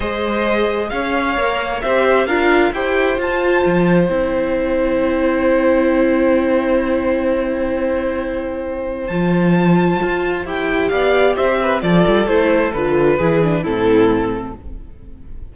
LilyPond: <<
  \new Staff \with { instrumentName = "violin" } { \time 4/4 \tempo 4 = 132 dis''2 f''2 | e''4 f''4 g''4 a''4~ | a''4 g''2.~ | g''1~ |
g''1 | a''2. g''4 | f''4 e''4 d''4 c''4 | b'2 a'2 | }
  \new Staff \with { instrumentName = "violin" } { \time 4/4 c''2 cis''2 | c''4 ais'4 c''2~ | c''1~ | c''1~ |
c''1~ | c''1 | d''4 c''8 b'8 a'2~ | a'4 gis'4 e'2 | }
  \new Staff \with { instrumentName = "viola" } { \time 4/4 gis'2. ais'4 | g'4 f'4 g'4 f'4~ | f'4 e'2.~ | e'1~ |
e'1 | f'2. g'4~ | g'2 f'4 e'4 | f'4 e'8 d'8 c'2 | }
  \new Staff \with { instrumentName = "cello" } { \time 4/4 gis2 cis'4 ais4 | c'4 d'4 e'4 f'4 | f4 c'2.~ | c'1~ |
c'1 | f2 f'4 e'4 | b4 c'4 f8 g8 a4 | d4 e4 a,2 | }
>>